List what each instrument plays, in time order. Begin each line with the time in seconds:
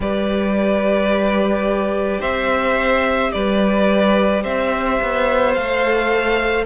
0.00 cello G3, viola G4, violin B4 D5
2.19 cello C4, violin C5 E5
3.32 cello G3, violin B4 D5
4.42 cello C4, violin C5 E5
5.01 cello B3
5.53 cello A3, viola A4, violin F5